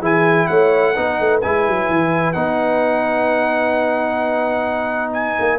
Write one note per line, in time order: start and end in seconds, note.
0.00 0.47 E3
0.00 0.95 E4
0.00 0.47 G#4
0.00 0.46 G#5
0.46 0.97 A3
0.46 0.94 C#5
0.46 1.39 F#5
0.94 1.20 B3
0.94 1.42 D#4
0.94 5.59 B4
1.20 1.43 A3
1.41 1.67 G#3
1.41 2.34 E4
1.41 2.33 G#5
1.67 1.89 F#3
1.89 2.35 E3
2.33 5.37 B3
2.33 5.59 D#4
2.33 5.12 F#5
5.13 5.59 G#5
5.39 5.59 A#3